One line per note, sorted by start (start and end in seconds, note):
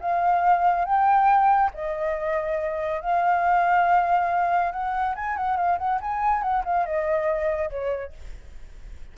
0.00 0.85 F5
0.85 1.71 G5
1.74 3.01 D#5
3.01 4.72 F5
4.72 5.15 F#5
5.15 5.37 G#5
5.37 5.57 F#5
5.57 5.78 F5
5.78 6.00 F#5
6.01 6.42 G#5
6.42 6.64 F#5
6.65 6.86 F5
6.86 7.70 D#5
7.70 8.13 C#5